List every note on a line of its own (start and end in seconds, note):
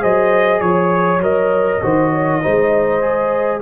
0.00 0.61 F#3
0.00 1.20 G#4
0.00 0.61 C5
0.00 0.61 D#5
0.61 1.20 F3
0.61 1.21 C#5
0.61 1.83 C#5
1.20 1.80 F#3
1.20 1.82 A#4
1.20 3.62 D#5
1.82 2.43 D#3
1.82 2.42 F#4
1.82 2.11 C5
2.11 2.41 C#5
2.42 3.62 G#3
2.42 3.01 D#4
2.42 3.62 C5
3.01 3.61 G#4